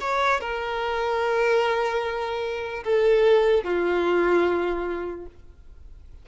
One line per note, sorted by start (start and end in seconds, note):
0.00 0.40 C#5
0.40 2.83 A#4
2.83 3.64 A4
3.64 5.26 F4